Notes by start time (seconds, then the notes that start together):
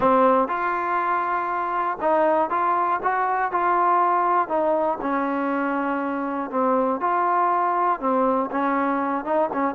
0.00 C4
0.48 F4
2.00 D#4
2.50 F4
3.02 F#4
3.51 F4
4.48 D#4
5.01 C#4
6.50 C4
7.00 F4
8.00 C4
8.51 C#4
9.24 D#4
9.53 C#4